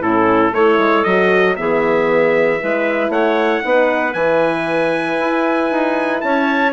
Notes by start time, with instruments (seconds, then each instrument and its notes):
0.00 bassoon A2, horn C#4, clarinet E4, trumpet A4
0.52 bassoon A3, horn E4, clarinet A4, trumpet C#5
0.78 bassoon G#3
1.04 bassoon F#3, horn F#4, trumpet D#5
1.56 bassoon E3, horn B3, clarinet G#4, trumpet E5
2.60 bassoon G#3, horn E4, clarinet B4
3.09 bassoon A3, clarinet C#5, trumpet F#5
3.61 bassoon B3, horn D#4, clarinet B4
4.14 bassoon E3, horn E4, trumpet G#5
5.20 bassoon E4
5.71 bassoon D#4
6.21 bassoon C#4, clarinet C#5, trumpet A5